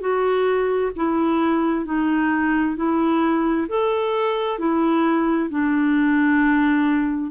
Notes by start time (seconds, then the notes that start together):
0.00 F#4
0.96 E4
1.85 D#4
2.76 E4
3.68 A4
4.58 E4
5.50 D4